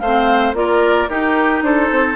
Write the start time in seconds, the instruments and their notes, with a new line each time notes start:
0.00 bassoon A3, clarinet C4, oboe C5, flute F5
0.53 bassoon A#3, clarinet F4, oboe A#4, flute D5
1.08 bassoon D#4, clarinet D#4, oboe G4, flute A#4
1.62 bassoon D4, oboe A4, flute C5
1.91 bassoon C4